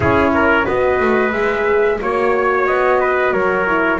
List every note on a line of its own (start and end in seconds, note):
0.00 0.65 C#4
0.00 0.65 E4
0.00 0.31 G#4
0.00 0.66 C#5
0.34 0.65 A#4
0.65 0.99 B3
0.65 1.32 F#4
0.65 1.98 B4
0.65 1.32 D#5
0.99 1.32 A3
1.32 1.99 G#3
1.32 2.00 G#4
1.32 1.99 E5
2.00 2.67 A#3
2.00 3.66 F#4
2.00 2.66 C#5
2.00 3.00 C#5
2.66 3.33 B3
2.66 3.32 D#5
3.00 3.33 B4
3.32 3.99 F#3
3.32 3.99 A#4
3.32 3.99 C#5
3.66 3.99 E4